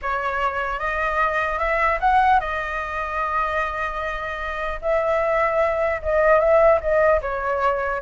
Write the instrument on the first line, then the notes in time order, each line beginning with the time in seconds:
flute
0.02 C#5
0.79 D#5
1.59 E5
1.99 F#5
2.39 D#5
4.81 E5
6.02 D#5
6.39 E5
6.80 D#5
7.21 C#5